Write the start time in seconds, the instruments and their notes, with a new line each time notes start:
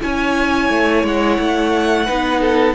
0.00 cello C#4, viola E4, violin C#5 G#5
0.69 cello A3
1.03 cello G#3, violin F#5
1.39 cello A3
2.06 cello B3, viola D#4, violin B4
2.41 violin A4